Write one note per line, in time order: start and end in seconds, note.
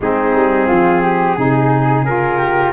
0.00 0.34 G#3
0.00 1.37 C4
0.00 0.66 D#4
0.00 2.05 G#4
0.34 0.68 G3
0.66 1.37 F3
0.66 1.00 F4
1.02 1.35 G4
1.35 2.01 C3
1.35 2.05 D#4
1.35 2.38 G#4
2.01 2.69 C#3
2.01 2.72 F4
2.01 2.72 A#4
2.38 2.72 G4